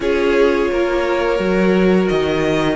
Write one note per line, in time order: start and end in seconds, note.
0.00 0.70 C#4
0.00 1.37 F4
0.00 0.70 G#4
0.00 2.08 C#5
0.71 1.39 A#3
0.71 2.76 A#4
1.37 2.09 F#3
1.37 2.76 F#4
2.08 2.76 D#3
2.08 2.76 D#5